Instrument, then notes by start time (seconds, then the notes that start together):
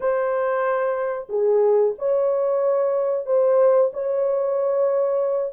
horn
0.00 C5
1.29 G#4
1.98 C#5
3.25 C5
3.93 C#5